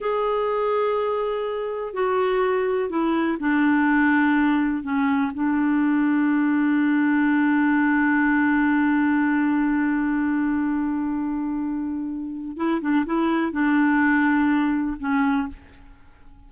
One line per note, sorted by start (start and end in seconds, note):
0.00 1.93 G#4
1.93 2.89 F#4
2.89 3.37 E4
3.39 4.83 D4
4.83 5.31 C#4
5.34 12.56 D4
12.56 12.80 E4
12.81 13.05 D4
13.05 13.52 E4
13.52 14.97 D4
14.99 15.48 C#4